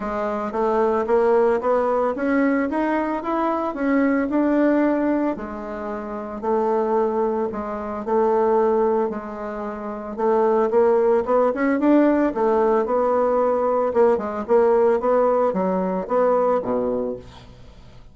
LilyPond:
\new Staff \with { instrumentName = "bassoon" } { \time 4/4 \tempo 4 = 112 gis4 a4 ais4 b4 | cis'4 dis'4 e'4 cis'4 | d'2 gis2 | a2 gis4 a4~ |
a4 gis2 a4 | ais4 b8 cis'8 d'4 a4 | b2 ais8 gis8 ais4 | b4 fis4 b4 b,4 | }